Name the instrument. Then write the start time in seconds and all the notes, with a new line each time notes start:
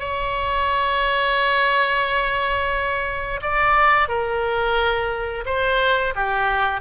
oboe
0.00 C#5
3.43 D5
4.09 A#4
5.46 C5
6.16 G4